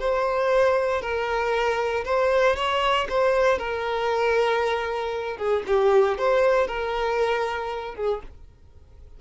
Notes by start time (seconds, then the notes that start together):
0.00 C5
1.02 A#4
2.05 C5
2.56 C#5
3.10 C5
3.59 A#4
5.38 G#4
5.67 G4
6.18 C5
6.68 A#4
7.96 G#4